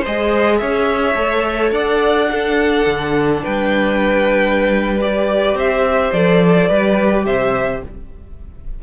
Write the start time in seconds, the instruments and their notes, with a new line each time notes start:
0.00 violin C5 D#5
0.06 cello G#3, viola G#4
0.58 cello C#4, violin C#5 E5
1.15 cello A3, viola A4
1.71 cello D4, violin D5 F#5
2.31 viola D4, violin A4
2.86 cello D3
3.44 cello G3, violin B4 G5
5.01 viola G4, violin D5
5.54 cello C4, violin C5 E5
6.12 cello F3, viola A4, violin D5
6.68 cello G3, viola G4, violin B4
7.25 cello C3, violin C5 E5